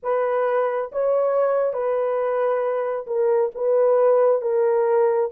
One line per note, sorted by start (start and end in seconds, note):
0.02 0.91 B4
0.92 1.73 C#5
1.73 3.05 B4
3.06 3.51 A#4
3.54 4.41 B4
4.41 5.29 A#4